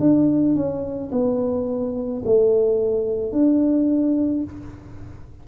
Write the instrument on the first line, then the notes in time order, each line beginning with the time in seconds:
tuba
0.00 D4
0.55 C#4
1.12 B3
2.25 A3
3.32 D4